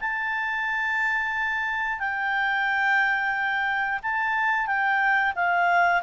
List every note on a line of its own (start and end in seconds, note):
0.00 1.99 A5
1.99 3.99 G5
4.02 4.66 A5
4.66 5.33 G5
5.35 6.02 F5